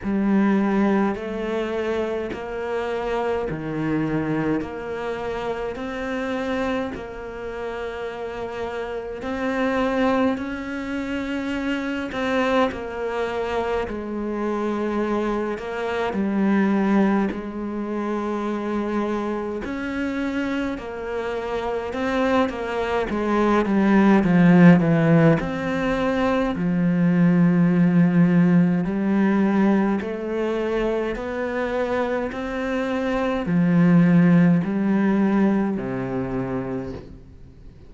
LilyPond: \new Staff \with { instrumentName = "cello" } { \time 4/4 \tempo 4 = 52 g4 a4 ais4 dis4 | ais4 c'4 ais2 | c'4 cis'4. c'8 ais4 | gis4. ais8 g4 gis4~ |
gis4 cis'4 ais4 c'8 ais8 | gis8 g8 f8 e8 c'4 f4~ | f4 g4 a4 b4 | c'4 f4 g4 c4 | }